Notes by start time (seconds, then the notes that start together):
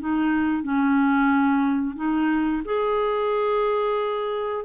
0.00 D#4
0.63 C#4
1.96 D#4
2.65 G#4